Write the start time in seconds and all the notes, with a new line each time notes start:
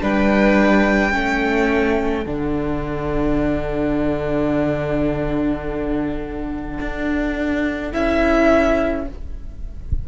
0.00 G3 D4 B4 G5
1.12 A3 C#4 A4
2.26 D3 D4 F#5
6.80 D4
7.92 C#4 E4 E5